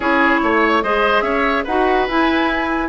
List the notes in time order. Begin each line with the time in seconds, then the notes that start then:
0.00 C#4 E4 G#4 C#5
0.42 A3 C#5
0.82 G#3 G#4 C5 D#5
1.22 C#4 C#5 E5
1.64 D#4 F#4 B4 F#5
2.08 E4 G#5